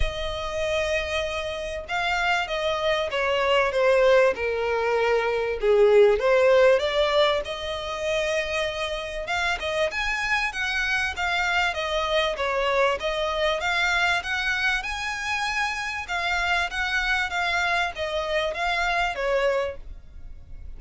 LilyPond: \new Staff \with { instrumentName = "violin" } { \time 4/4 \tempo 4 = 97 dis''2. f''4 | dis''4 cis''4 c''4 ais'4~ | ais'4 gis'4 c''4 d''4 | dis''2. f''8 dis''8 |
gis''4 fis''4 f''4 dis''4 | cis''4 dis''4 f''4 fis''4 | gis''2 f''4 fis''4 | f''4 dis''4 f''4 cis''4 | }